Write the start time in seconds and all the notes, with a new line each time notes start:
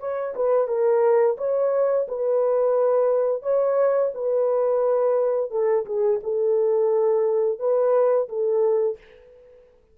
0.00 C#5
0.36 B4
0.68 A#4
1.38 C#5
2.08 B4
3.43 C#5
4.14 B4
5.51 A4
5.86 G#4
6.24 A4
7.60 B4
8.29 A4